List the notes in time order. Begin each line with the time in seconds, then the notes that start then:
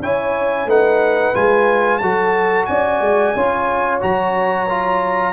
0.00 C#4 E4 C#5 G#5
0.66 A3 D#4 B4 F#5
1.35 G#3 F4 G#5
1.98 F#3 F#4 A4 A5
2.66 C#4 D5 G#5
3.01 G#3
3.35 C#4 F4 C#5
4.01 F#3 F#4 A#5
4.70 F4